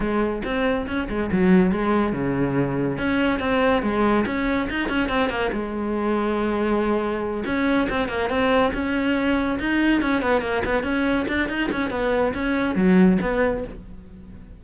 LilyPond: \new Staff \with { instrumentName = "cello" } { \time 4/4 \tempo 4 = 141 gis4 c'4 cis'8 gis8 fis4 | gis4 cis2 cis'4 | c'4 gis4 cis'4 dis'8 cis'8 | c'8 ais8 gis2.~ |
gis4. cis'4 c'8 ais8 c'8~ | c'8 cis'2 dis'4 cis'8 | b8 ais8 b8 cis'4 d'8 dis'8 cis'8 | b4 cis'4 fis4 b4 | }